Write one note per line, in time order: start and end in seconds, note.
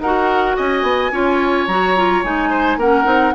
0.00 0.56 D#4
0.00 1.13 F#4
0.00 0.57 A#4
0.00 0.57 F#5
0.57 0.83 C#4
0.57 1.12 D#5
0.57 1.68 G#5
0.83 1.11 B3
1.12 1.68 C#4
1.12 1.68 F4
1.12 2.50 C#5
1.68 2.23 F#3
1.68 1.97 F#4
1.68 2.23 A#5
1.97 2.25 F4
2.24 2.77 G#3
2.24 2.80 D#4
2.24 2.80 G#5
2.50 2.78 C5
2.77 3.05 A#3
2.77 3.05 C#4
2.77 3.35 A#4
2.77 3.35 F#5
3.05 3.34 C4
3.05 3.33 D#4